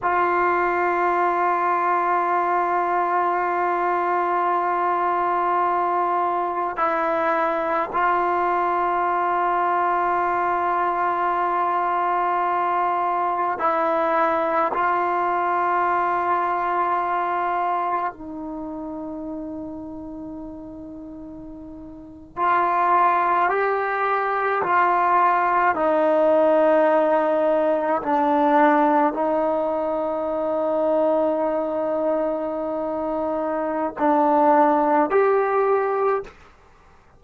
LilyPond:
\new Staff \with { instrumentName = "trombone" } { \time 4/4 \tempo 4 = 53 f'1~ | f'2 e'4 f'4~ | f'1 | e'4 f'2. |
dis'2.~ dis'8. f'16~ | f'8. g'4 f'4 dis'4~ dis'16~ | dis'8. d'4 dis'2~ dis'16~ | dis'2 d'4 g'4 | }